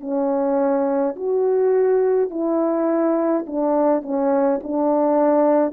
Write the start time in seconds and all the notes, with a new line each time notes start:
0.00 C#4
1.16 F#4
2.30 E4
3.47 D4
4.02 C#4
4.63 D4